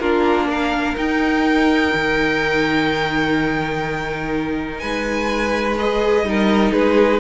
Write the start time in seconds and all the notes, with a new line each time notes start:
0.00 A#3 D4 F4 A#4
0.50 A#4 F5
0.97 D#4 G5
1.94 D#3
4.79 G#3 B4 G#5
5.78 G#4 D#5
6.24 G3 D#4 A#4
6.73 G#3 G#4 B4